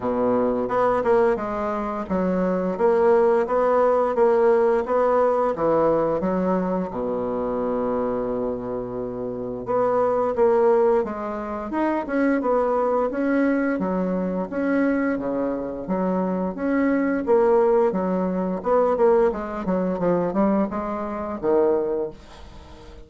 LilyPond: \new Staff \with { instrumentName = "bassoon" } { \time 4/4 \tempo 4 = 87 b,4 b8 ais8 gis4 fis4 | ais4 b4 ais4 b4 | e4 fis4 b,2~ | b,2 b4 ais4 |
gis4 dis'8 cis'8 b4 cis'4 | fis4 cis'4 cis4 fis4 | cis'4 ais4 fis4 b8 ais8 | gis8 fis8 f8 g8 gis4 dis4 | }